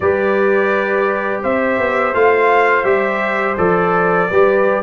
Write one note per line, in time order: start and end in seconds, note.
0.00 1.42 G3
0.00 2.14 G4
0.00 1.42 B4
0.00 1.41 D5
1.42 1.78 C4
1.42 4.28 C5
1.42 2.14 E5
1.78 2.14 B3
2.14 2.84 A3
2.14 2.85 F4
2.14 2.83 F5
2.83 3.55 G3
2.83 3.56 G4
2.83 3.55 E5
3.57 4.29 F3
3.57 4.28 A4
3.57 4.82 D5
4.30 4.82 G3
4.30 4.82 G4
4.30 4.82 B4